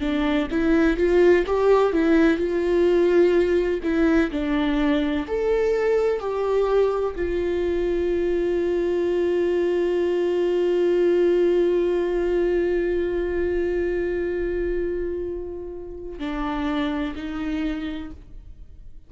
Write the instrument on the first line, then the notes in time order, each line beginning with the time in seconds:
viola
0.00 D4
0.50 E4
0.97 F4
1.46 G4
1.92 E4
2.37 F4
3.83 E4
4.31 D4
5.27 A4
6.20 G4
7.16 F4
16.19 D4
17.16 D#4